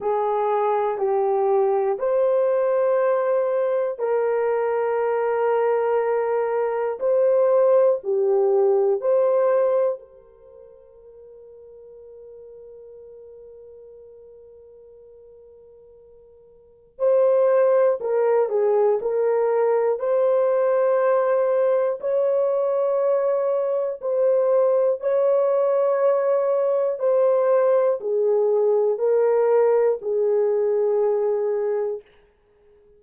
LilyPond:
\new Staff \with { instrumentName = "horn" } { \time 4/4 \tempo 4 = 60 gis'4 g'4 c''2 | ais'2. c''4 | g'4 c''4 ais'2~ | ais'1~ |
ais'4 c''4 ais'8 gis'8 ais'4 | c''2 cis''2 | c''4 cis''2 c''4 | gis'4 ais'4 gis'2 | }